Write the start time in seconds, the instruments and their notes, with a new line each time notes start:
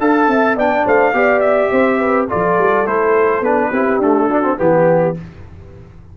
0.00 tuba D4, trombone A4, horn F5, trumpet A5
0.28 tuba C4, horn E5
0.56 tuba B3, trombone D4, horn D5, trumpet G5
0.85 tuba A3, horn C5, trumpet F5
1.13 tuba B3, trombone G4, horn D5
1.40 trumpet E5
1.72 tuba C4, horn C5
2.00 horn B4
2.28 tuba F3, trombone F4, horn A4, trumpet D5
2.58 tuba G3
2.86 tuba A3, trombone E4, trumpet C5
3.41 tuba B3, trombone D4, trumpet B4
3.71 tuba C4, trombone E4, horn G4
3.99 trombone A3, tuba D4, trumpet A4
4.29 trombone D4, horn F#4
4.43 trombone C4
4.57 tuba E3, trombone B3, horn G4, trumpet G4